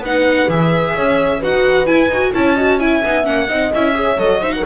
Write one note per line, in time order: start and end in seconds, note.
0.00 0.46 B3
0.00 0.49 D#4
0.00 0.94 B4
0.00 0.50 F#5
0.49 0.95 E3
0.49 1.41 G#4
0.49 1.43 E5
0.95 1.43 C#4
0.95 1.39 C#5
1.39 1.89 D#4
1.39 1.87 F#4
1.39 2.32 B4
1.39 1.86 F#5
1.86 2.10 E4
1.86 2.09 E4
1.86 2.33 G#5
2.09 2.32 D#4
2.09 2.34 F#4
2.34 3.03 C#4
2.34 2.57 E4
2.34 2.55 C#5
2.34 2.80 A5
2.55 2.80 F#4
2.55 2.78 D#5
2.79 3.03 E4
2.79 3.48 E5
2.79 3.26 G#5
3.04 3.27 B3
3.04 3.24 D#4
3.24 3.50 A#3
3.24 3.47 C#4
3.24 3.72 F#5
3.48 3.73 C4
3.48 3.72 D#4
3.48 3.94 D#5
3.75 4.17 C#4
3.75 3.95 E4
3.75 4.20 E5
3.95 4.18 G#4
3.95 4.41 C#5
4.17 4.63 F#3
4.17 4.41 A4
4.17 4.43 D#5
4.41 4.65 D#4
4.41 4.52 C5
4.41 4.53 E5
4.53 4.66 A#4
4.53 4.64 F#5